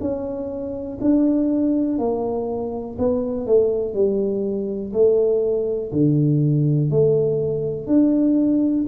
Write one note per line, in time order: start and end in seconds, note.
0.00 0.98 C#4
1.01 1.98 D4
1.98 2.96 A#3
2.99 3.46 B3
3.46 3.94 A3
3.94 4.92 G3
4.93 5.91 A3
5.92 6.90 D3
6.90 7.86 A3
7.86 8.85 D4